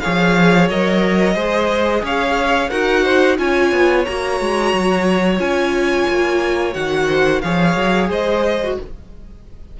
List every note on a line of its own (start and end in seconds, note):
0.00 0.69 F3
0.00 0.70 G#4
0.00 1.34 C#5
0.00 0.67 F5
0.69 1.35 F#3
0.69 1.35 A#4
0.69 2.04 D#5
1.34 2.02 G#3
1.34 2.69 G#4
1.34 2.02 C5
2.03 2.70 C#4
2.03 2.70 C#5
2.03 2.70 F5
2.70 3.38 D#4
2.70 3.37 F#4
2.70 3.03 A#4
2.70 3.37 F#5
3.03 3.37 C5
3.37 3.72 C#4
3.37 4.04 F4
3.37 7.08 C#5
3.37 4.05 G#5
3.72 4.05 B3
4.05 4.40 A#3
4.05 5.38 F#4
4.05 5.39 A#5
4.40 4.73 G#3
4.73 5.39 F#3
5.38 6.07 C#4
5.38 6.73 F4
5.38 6.74 G#5
6.08 6.75 A#3
6.73 7.42 D#3
6.73 7.41 F#4
6.73 7.41 F#5
7.08 7.42 C5
7.41 7.76 F3
7.41 8.62 G#4
7.41 8.09 C#5
7.41 8.09 F5
7.76 8.10 F#3
8.09 8.77 G#3
8.09 8.77 C5
8.09 8.79 D#5
8.63 8.80 F#4